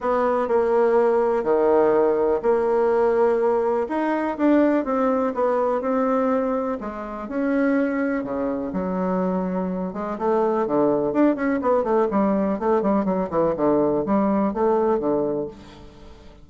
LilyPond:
\new Staff \with { instrumentName = "bassoon" } { \time 4/4 \tempo 4 = 124 b4 ais2 dis4~ | dis4 ais2. | dis'4 d'4 c'4 b4 | c'2 gis4 cis'4~ |
cis'4 cis4 fis2~ | fis8 gis8 a4 d4 d'8 cis'8 | b8 a8 g4 a8 g8 fis8 e8 | d4 g4 a4 d4 | }